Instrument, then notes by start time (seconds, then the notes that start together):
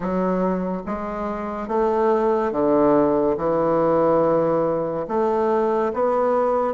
bassoon
0.00 F#3
0.86 G#3
1.68 A3
2.51 D3
3.37 E3
5.07 A3
5.93 B3